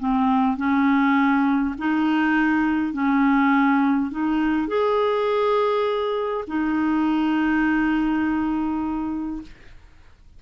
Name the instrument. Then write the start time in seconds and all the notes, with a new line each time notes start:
clarinet
0.00 C4
0.57 C#4
1.79 D#4
2.94 C#4
4.11 D#4
4.68 G#4
6.48 D#4